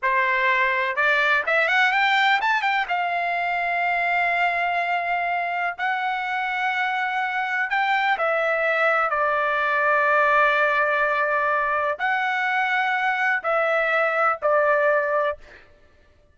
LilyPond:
\new Staff \with { instrumentName = "trumpet" } { \time 4/4 \tempo 4 = 125 c''2 d''4 e''8 fis''8 | g''4 a''8 g''8 f''2~ | f''1 | fis''1 |
g''4 e''2 d''4~ | d''1~ | d''4 fis''2. | e''2 d''2 | }